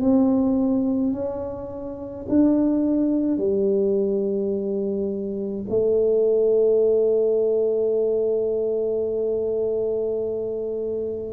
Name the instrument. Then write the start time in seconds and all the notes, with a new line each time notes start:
tuba
0.00 C4
1.13 C#4
2.28 D4
3.37 G3
5.69 A3